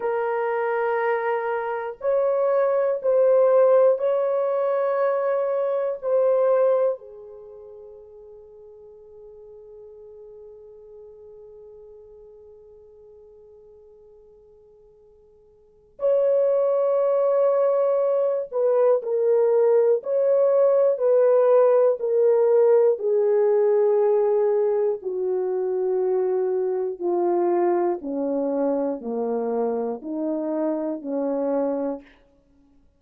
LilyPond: \new Staff \with { instrumentName = "horn" } { \time 4/4 \tempo 4 = 60 ais'2 cis''4 c''4 | cis''2 c''4 gis'4~ | gis'1~ | gis'1 |
cis''2~ cis''8 b'8 ais'4 | cis''4 b'4 ais'4 gis'4~ | gis'4 fis'2 f'4 | cis'4 ais4 dis'4 cis'4 | }